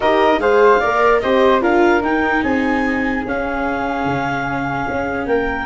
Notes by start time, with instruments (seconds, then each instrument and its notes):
0.00 tuba D#4, viola G4, flute A#4, clarinet D#5
0.37 tuba G#3, viola G#4, flute C5, clarinet F5
0.80 tuba A#3, viola A#4, flute D5
1.20 tuba C4, viola G4, flute C5, clarinet D#5
1.60 tuba D4, viola F4, flute A#4, clarinet F5
2.02 tuba D#4, viola D#4, clarinet G5
2.43 tuba C4, flute G#4, clarinet G#5
3.25 tuba C#4, viola C#4, clarinet F5
4.04 tuba C#3
4.88 tuba C#4
5.26 tuba A#3, flute A#4, clarinet G5